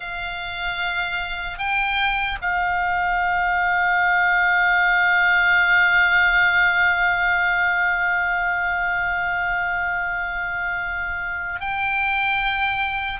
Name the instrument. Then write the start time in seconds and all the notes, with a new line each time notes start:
oboe
0.00 F5
1.58 G5
2.41 F5
11.60 G5